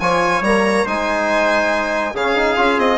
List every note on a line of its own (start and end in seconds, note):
0.00 0.41 F3
0.00 0.44 F4
0.00 0.85 C#5
0.00 0.43 G#5
0.41 0.84 G3
0.41 0.86 A#3
0.41 0.87 A#5
0.85 2.14 G#3
0.85 2.15 D#4
0.85 2.13 C5
0.85 2.16 G#5
2.14 2.57 C#3
2.14 2.35 C#4
2.14 2.98 G#4
2.14 2.80 F5
2.35 2.57 D#4
2.57 2.78 C#4
2.57 2.98 F4
2.78 2.98 C4
2.78 2.98 D#5